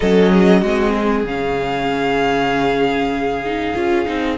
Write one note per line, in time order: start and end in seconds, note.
0.00 0.62 F#3
0.00 0.64 C#4
0.00 0.31 A4
0.00 1.25 D#5
0.32 0.61 G#4
0.61 1.24 G#3
0.61 1.27 C4
0.61 0.92 F#4
0.94 4.37 G#4
1.24 3.74 C#3
1.24 3.45 C#4
1.24 4.37 F5
3.45 3.75 D#4
3.75 4.06 C#4
3.75 4.06 F4
4.06 4.37 C4
4.06 4.37 D#4